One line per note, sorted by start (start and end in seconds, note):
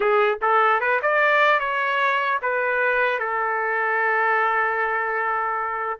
0.00 0.39 G#4
0.41 0.80 A4
0.80 1.00 B4
1.01 1.59 D5
1.59 2.39 C#5
2.42 3.19 B4
3.19 5.99 A4